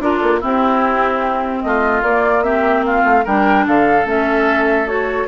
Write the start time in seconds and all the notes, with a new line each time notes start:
0.00 D4 F4 A#4
0.18 A#3 A4
0.41 C4 E4 G4
1.62 A3 F4 D#5
2.02 A#3 D5
2.43 C4 G4 E5
2.86 F4 F5
3.04 A3
3.25 G3 D4 A#4 G5
3.67 D3 A4 F5
4.06 A3 C#4 E5
4.87 F#4 C#5